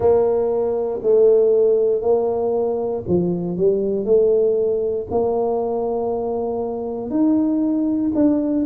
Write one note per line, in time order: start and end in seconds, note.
0.00 1.00 A#3
1.02 2.01 A3
2.01 3.03 A#3
3.07 3.57 F3
3.57 4.04 G3
4.04 5.06 A3
5.10 7.10 A#3
7.10 8.12 D#4
8.14 8.65 D4